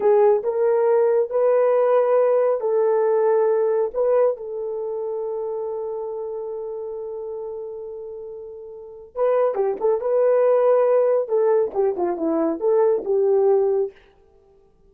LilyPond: \new Staff \with { instrumentName = "horn" } { \time 4/4 \tempo 4 = 138 gis'4 ais'2 b'4~ | b'2 a'2~ | a'4 b'4 a'2~ | a'1~ |
a'1~ | a'4 b'4 g'8 a'8 b'4~ | b'2 a'4 g'8 f'8 | e'4 a'4 g'2 | }